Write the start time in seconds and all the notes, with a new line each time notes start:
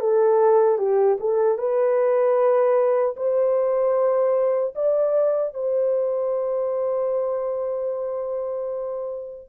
0.00 A4
0.78 G4
1.20 A4
1.58 B4
3.17 C5
4.75 D5
5.54 C5